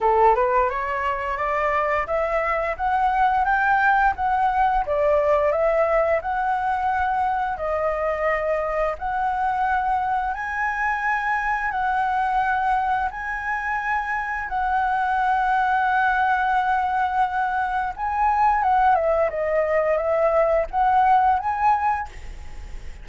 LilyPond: \new Staff \with { instrumentName = "flute" } { \time 4/4 \tempo 4 = 87 a'8 b'8 cis''4 d''4 e''4 | fis''4 g''4 fis''4 d''4 | e''4 fis''2 dis''4~ | dis''4 fis''2 gis''4~ |
gis''4 fis''2 gis''4~ | gis''4 fis''2.~ | fis''2 gis''4 fis''8 e''8 | dis''4 e''4 fis''4 gis''4 | }